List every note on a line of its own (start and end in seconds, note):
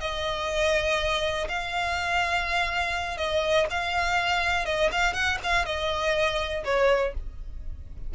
0.00 1.48 D#5
1.48 3.17 F5
3.17 3.66 D#5
3.70 4.65 F5
4.65 4.90 D#5
4.92 5.13 F5
5.13 5.38 F#5
5.43 5.65 F5
5.65 6.64 D#5
6.64 7.13 C#5